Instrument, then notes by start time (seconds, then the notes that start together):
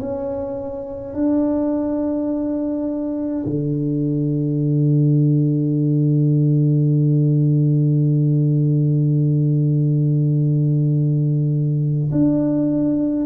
tuba
0.00 C#4
1.14 D4
3.46 D3
12.12 D4